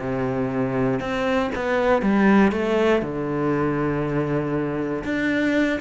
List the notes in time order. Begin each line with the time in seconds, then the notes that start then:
0.00 C3
1.01 C4
1.56 B3
2.03 G3
2.53 A3
3.03 D3
5.05 D4